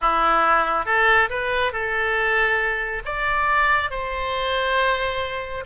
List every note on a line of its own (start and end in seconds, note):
0.01 0.85 E4
0.85 1.29 A4
1.29 1.72 B4
1.72 3.03 A4
3.05 3.90 D5
3.90 5.64 C5